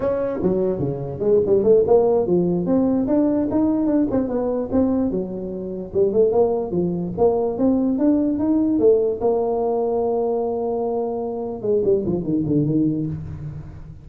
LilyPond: \new Staff \with { instrumentName = "tuba" } { \time 4/4 \tempo 4 = 147 cis'4 fis4 cis4 gis8 g8 | a8 ais4 f4 c'4 d'8~ | d'8 dis'4 d'8 c'8 b4 c'8~ | c'8 fis2 g8 a8 ais8~ |
ais8 f4 ais4 c'4 d'8~ | d'8 dis'4 a4 ais4.~ | ais1~ | ais8 gis8 g8 f8 dis8 d8 dis4 | }